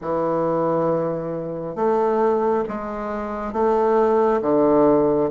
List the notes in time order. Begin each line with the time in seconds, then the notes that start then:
0.01 E3
1.75 A3
2.68 G#3
3.52 A3
4.41 D3